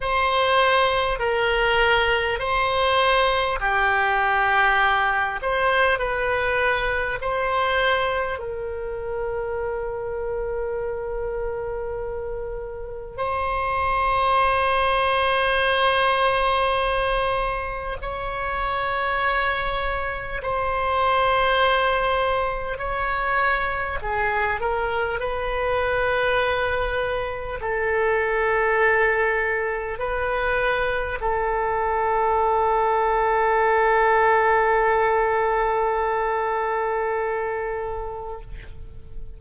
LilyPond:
\new Staff \with { instrumentName = "oboe" } { \time 4/4 \tempo 4 = 50 c''4 ais'4 c''4 g'4~ | g'8 c''8 b'4 c''4 ais'4~ | ais'2. c''4~ | c''2. cis''4~ |
cis''4 c''2 cis''4 | gis'8 ais'8 b'2 a'4~ | a'4 b'4 a'2~ | a'1 | }